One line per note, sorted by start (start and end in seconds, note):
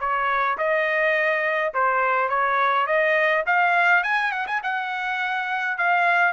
0.00 0.58 C#5
0.58 1.73 D#5
1.74 2.29 C5
2.29 2.87 C#5
2.87 3.45 D#5
3.46 4.04 F5
4.04 4.32 G#5
4.32 4.47 F#5
4.47 4.62 G#5
4.63 5.78 F#5
5.78 6.33 F5